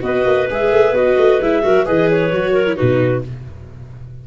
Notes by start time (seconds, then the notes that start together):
0.00 B3 F#4 B4 D#5
0.25 A#3
0.49 G#3 G#4 E5
0.71 A3
0.91 B3 F#4 D#5
1.17 A3
1.40 G#3 E4 E5
1.62 F#3 F#4 A#4
1.84 E3 G#4 B4 D#5
2.10 C#5
2.31 F#3 F#4
2.52 A#4
2.67 E4
2.75 B2 D#4 F#4 B4